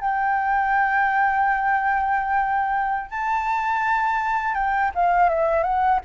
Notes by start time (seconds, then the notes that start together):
0.00 G5
3.10 A5
4.54 G5
4.95 F5
5.29 E5
5.63 F#5